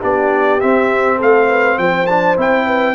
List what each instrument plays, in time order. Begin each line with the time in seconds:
0.00 tuba B3, trombone D4, horn G4, trumpet D5
0.60 trombone C4, tuba C4, trumpet E5
1.17 tuba A3, horn A4, trumpet F5
1.49 horn B4
1.78 tuba F3, horn C5, trumpet G5
2.06 trombone D4, trumpet A5
2.37 tuba C4, trombone E4, trumpet G5
2.66 horn B4